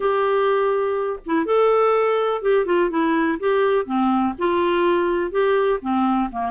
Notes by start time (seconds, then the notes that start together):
0.00 G4
1.26 E4
1.45 A4
2.41 G4
2.65 F4
2.89 E4
3.39 G4
3.85 C4
4.38 F4
5.31 G4
5.81 C4
6.31 A#3